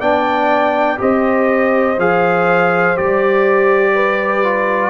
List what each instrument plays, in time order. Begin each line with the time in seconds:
0.00 tuba B3, trombone D4, horn D5, trumpet G5
0.98 tuba C4, trombone G4, horn C5, trumpet D#5
1.98 tuba F3, trombone G#4, trumpet F5
2.96 tuba G3, trombone G4, trumpet D5
3.94 horn B4
4.44 trombone F4